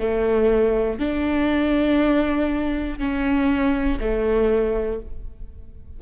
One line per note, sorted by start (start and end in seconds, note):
0.00 1.00 A3
1.00 2.99 D4
2.99 3.99 C#4
4.00 5.00 A3